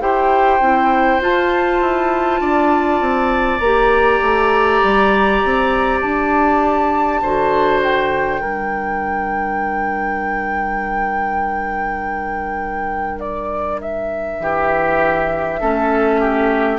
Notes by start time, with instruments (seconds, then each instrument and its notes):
0.00 bassoon E4, clarinet G4, oboe C5, flute G5
0.60 bassoon C4, clarinet E4
1.21 clarinet F4, bassoon F4, flute A5
1.81 bassoon E4
2.41 bassoon D4, oboe D5
3.01 bassoon C4
3.60 bassoon A#3, clarinet G4, flute A#5
4.22 bassoon A3
4.83 bassoon G3
5.45 bassoon C4
6.01 bassoon D4, flute A5
7.22 bassoon D3, clarinet F#4, oboe C5
7.83 flute G5
8.42 bassoon G3, clarinet D4, oboe A#4
13.20 flute D5
13.81 flute E5
14.40 bassoon E3, oboe G4
15.61 bassoon A3, clarinet C#4, oboe A4
16.21 oboe G4